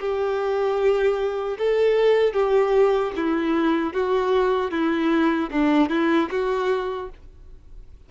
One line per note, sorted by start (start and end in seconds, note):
0.00 1.58 G4
1.59 2.34 A4
2.34 3.13 G4
3.17 3.94 E4
3.94 4.72 F#4
4.72 5.50 E4
5.52 5.90 D4
5.90 6.29 E4
6.31 7.10 F#4